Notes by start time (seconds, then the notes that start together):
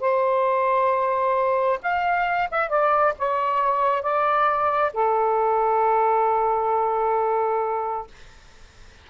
0.00 C5
1.82 F5
2.51 E5
2.69 D5
3.18 C#5
4.02 D5
4.94 A4